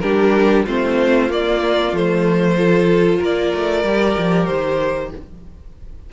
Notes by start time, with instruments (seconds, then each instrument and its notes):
0.00 cello G3, viola D4, violin G4 A#4
0.65 cello A3, viola C4, violin F4 C5
1.29 cello A#3, viola A#3, violin D5
1.93 cello F3, viola A3, violin C5
2.57 viola F4, violin A4
3.18 cello A#3, violin A#4 D5
3.54 cello A3
3.84 cello G3, viola G4
4.17 cello F3
4.46 cello D#3, violin C5